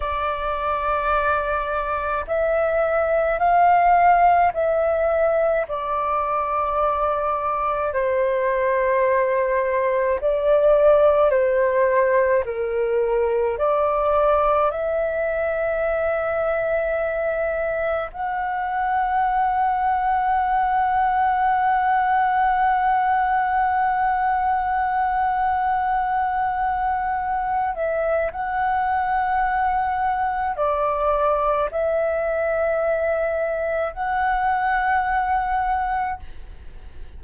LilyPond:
\new Staff \with { instrumentName = "flute" } { \time 4/4 \tempo 4 = 53 d''2 e''4 f''4 | e''4 d''2 c''4~ | c''4 d''4 c''4 ais'4 | d''4 e''2. |
fis''1~ | fis''1~ | fis''8 e''8 fis''2 d''4 | e''2 fis''2 | }